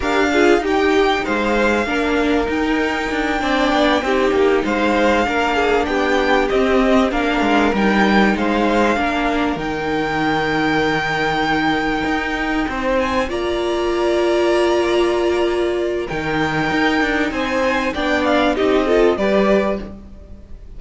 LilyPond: <<
  \new Staff \with { instrumentName = "violin" } { \time 4/4 \tempo 4 = 97 f''4 g''4 f''2 | g''2.~ g''8 f''8~ | f''4. g''4 dis''4 f''8~ | f''8 g''4 f''2 g''8~ |
g''1~ | g''4 gis''8 ais''2~ ais''8~ | ais''2 g''2 | gis''4 g''8 f''8 dis''4 d''4 | }
  \new Staff \with { instrumentName = "violin" } { \time 4/4 ais'8 gis'8 g'4 c''4 ais'4~ | ais'4. d''4 g'4 c''8~ | c''8 ais'8 gis'8 g'2 ais'8~ | ais'4. c''4 ais'4.~ |
ais'1~ | ais'8 c''4 d''2~ d''8~ | d''2 ais'2 | c''4 d''4 g'8 a'8 b'4 | }
  \new Staff \with { instrumentName = "viola" } { \time 4/4 g'8 f'8 dis'2 d'4 | dis'4. d'4 dis'4.~ | dis'8 d'2 c'4 d'8~ | d'8 dis'2 d'4 dis'8~ |
dis'1~ | dis'4. f'2~ f'8~ | f'2 dis'2~ | dis'4 d'4 dis'8 f'8 g'4 | }
  \new Staff \with { instrumentName = "cello" } { \time 4/4 d'4 dis'4 gis4 ais4 | dis'4 d'8 c'8 b8 c'8 ais8 gis8~ | gis8 ais4 b4 c'4 ais8 | gis8 g4 gis4 ais4 dis8~ |
dis2.~ dis8 dis'8~ | dis'8 c'4 ais2~ ais8~ | ais2 dis4 dis'8 d'8 | c'4 b4 c'4 g4 | }
>>